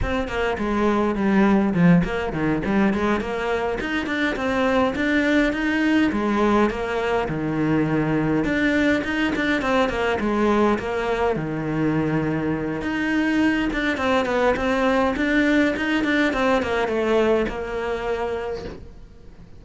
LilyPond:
\new Staff \with { instrumentName = "cello" } { \time 4/4 \tempo 4 = 103 c'8 ais8 gis4 g4 f8 ais8 | dis8 g8 gis8 ais4 dis'8 d'8 c'8~ | c'8 d'4 dis'4 gis4 ais8~ | ais8 dis2 d'4 dis'8 |
d'8 c'8 ais8 gis4 ais4 dis8~ | dis2 dis'4. d'8 | c'8 b8 c'4 d'4 dis'8 d'8 | c'8 ais8 a4 ais2 | }